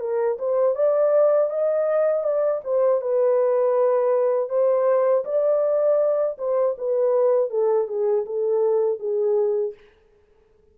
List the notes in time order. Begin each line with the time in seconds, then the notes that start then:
0.00 A#4
0.39 C5
0.75 D5
1.50 D#5
2.24 D5
2.64 C5
3.01 B4
4.49 C5
5.25 D5
6.38 C5
6.78 B4
7.50 A4
7.88 G#4
8.26 A4
8.99 G#4